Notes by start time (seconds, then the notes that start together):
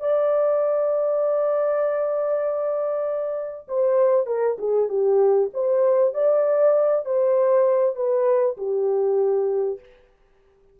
0.00 D5
3.68 C5
4.27 A#4
4.58 G#4
4.89 G4
5.54 C5
6.14 D5
7.05 C5
7.96 B4
8.57 G4